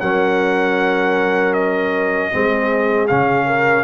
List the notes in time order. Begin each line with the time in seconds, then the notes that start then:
0.00 F#3 C#4 A#4 F#5
1.53 D#5
2.32 G#3 C4 G#4
3.08 C#3 C#4 F5
3.46 A#4